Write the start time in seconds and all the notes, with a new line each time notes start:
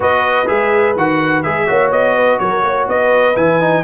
0.00 B3 F#4 B4 D#5
0.46 G#3 G#4 E5
0.96 D#3 F#4 F#5
1.42 G#3 G#4 E5
1.67 A#3 F#4 C#5
1.90 B3 D#5
2.16 B4
2.38 F#3 A#4 C#5
2.62 A#3 C#5
2.87 B3 B4 D#5
3.36 E3 E4 G#5
3.60 D#4